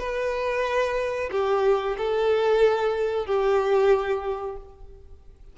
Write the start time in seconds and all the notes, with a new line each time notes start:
0.00 B4
1.32 G4
1.98 A4
3.26 G4